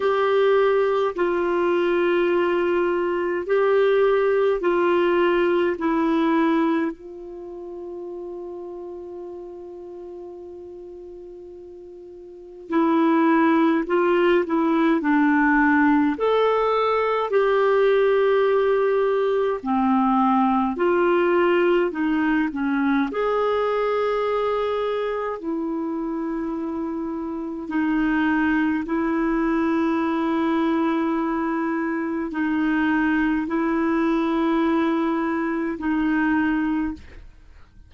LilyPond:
\new Staff \with { instrumentName = "clarinet" } { \time 4/4 \tempo 4 = 52 g'4 f'2 g'4 | f'4 e'4 f'2~ | f'2. e'4 | f'8 e'8 d'4 a'4 g'4~ |
g'4 c'4 f'4 dis'8 cis'8 | gis'2 e'2 | dis'4 e'2. | dis'4 e'2 dis'4 | }